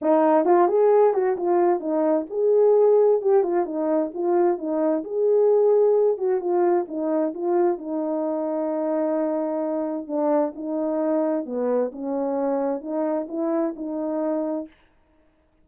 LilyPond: \new Staff \with { instrumentName = "horn" } { \time 4/4 \tempo 4 = 131 dis'4 f'8 gis'4 fis'8 f'4 | dis'4 gis'2 g'8 f'8 | dis'4 f'4 dis'4 gis'4~ | gis'4. fis'8 f'4 dis'4 |
f'4 dis'2.~ | dis'2 d'4 dis'4~ | dis'4 b4 cis'2 | dis'4 e'4 dis'2 | }